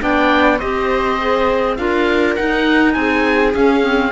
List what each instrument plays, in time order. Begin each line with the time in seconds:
0.00 cello B3, clarinet D4, viola D5, oboe G5
0.59 cello C4, clarinet G4, viola C5, oboe D#5
1.21 clarinet G#4
1.76 cello D4, clarinet F4, viola A#4, oboe F5
2.36 clarinet D#4, cello D#4, oboe F#5
2.94 cello C4, viola G#4, oboe G#5
3.54 clarinet C#4, cello C#4, oboe F5
3.83 clarinet C4